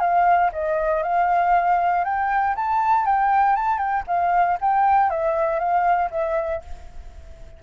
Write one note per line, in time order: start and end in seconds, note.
0.00 0.51 F5
0.52 1.03 D#5
1.03 2.04 F5
2.04 2.55 G5
2.56 3.06 A5
3.06 3.56 G5
3.56 3.78 A5
3.78 4.03 G5
4.07 4.58 F5
4.61 5.10 G5
5.10 5.59 E5
5.59 6.10 F5
6.11 6.62 E5